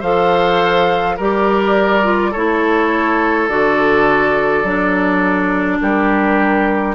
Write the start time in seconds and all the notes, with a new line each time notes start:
0.00 F3 A4 C5 F5
1.16 G3 G4 A#4 D5
2.03 F4
2.31 A3 E4 A4 C#5
3.48 D3 F#4 D5
4.63 F#3 D4
5.81 G3 G4 A#4